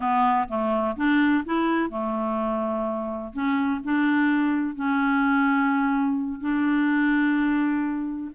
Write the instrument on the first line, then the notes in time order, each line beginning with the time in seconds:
clarinet
0.00 B3
0.48 A3
0.96 D4
1.45 E4
1.90 A3
3.33 C#4
3.84 D4
4.75 C#4
6.40 D4